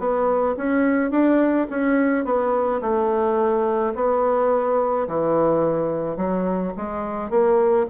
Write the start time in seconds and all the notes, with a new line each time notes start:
0.00 B3
0.58 C#4
1.11 D4
1.71 C#4
2.25 B3
2.82 A3
3.96 B3
5.08 E3
6.17 F#3
6.77 G#3
7.30 A#3